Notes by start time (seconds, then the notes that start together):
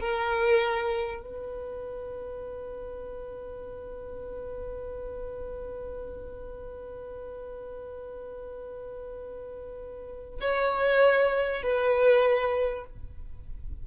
0.00 A#4
1.22 B4
10.41 C#5
11.62 B4